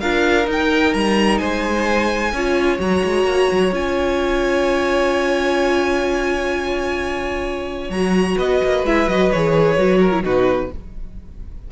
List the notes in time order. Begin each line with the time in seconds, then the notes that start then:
0.00 D4 F4 A#4 F5
0.45 D#4
0.52 G5
0.94 G3 A#5
1.38 G#3 C5 G#5
2.32 C#4 F4 C#5
2.79 F#3 F#4 A#5
3.04 G#3
3.24 A#3
3.52 F#3
3.72 C#4 F4 G#5
7.89 F#3 A#5
7.96 F#4
8.36 B3 B4 D#5
8.64 A#3
8.84 G#3 E4 E5
9.07 F#3 F#4 D#5
9.31 E3 G#4 C#5
9.78 F#3 F#4
10.00 A#4
10.12 E4
10.23 B2 D#4 F#4 B4